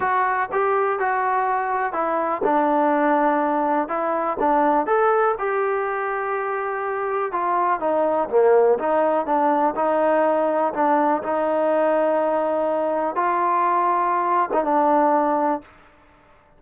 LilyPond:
\new Staff \with { instrumentName = "trombone" } { \time 4/4 \tempo 4 = 123 fis'4 g'4 fis'2 | e'4 d'2. | e'4 d'4 a'4 g'4~ | g'2. f'4 |
dis'4 ais4 dis'4 d'4 | dis'2 d'4 dis'4~ | dis'2. f'4~ | f'4.~ f'16 dis'16 d'2 | }